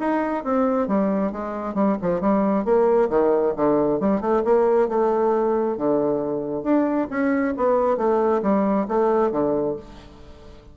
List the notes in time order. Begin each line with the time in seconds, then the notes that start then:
0.00 D#4
0.44 C4
0.88 G3
1.32 G#3
1.75 G3
2.02 F3
2.21 G3
2.65 A#3
3.10 D#3
3.56 D3
4.00 G3
4.21 A3
4.45 A#3
4.89 A3
5.77 D3
6.63 D4
7.10 C#4
7.57 B3
7.97 A3
8.42 G3
8.88 A3
9.32 D3